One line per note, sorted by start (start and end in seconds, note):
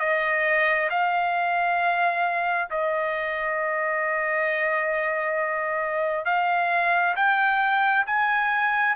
0.00 0.90 D#5
0.90 2.69 F5
2.71 6.25 D#5
6.25 7.15 F5
7.16 8.06 G5
8.07 8.96 G#5